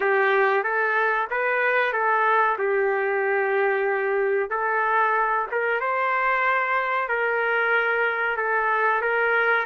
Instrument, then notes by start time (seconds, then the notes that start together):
trumpet
0.00 G4
0.63 A4
1.30 B4
1.92 A4
2.58 G4
4.50 A4
5.51 A#4
5.80 C5
7.08 A#4
8.37 A4
9.01 A#4